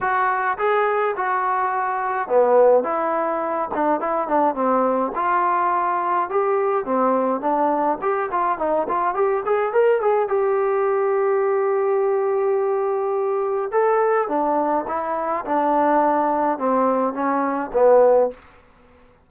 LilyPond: \new Staff \with { instrumentName = "trombone" } { \time 4/4 \tempo 4 = 105 fis'4 gis'4 fis'2 | b4 e'4. d'8 e'8 d'8 | c'4 f'2 g'4 | c'4 d'4 g'8 f'8 dis'8 f'8 |
g'8 gis'8 ais'8 gis'8 g'2~ | g'1 | a'4 d'4 e'4 d'4~ | d'4 c'4 cis'4 b4 | }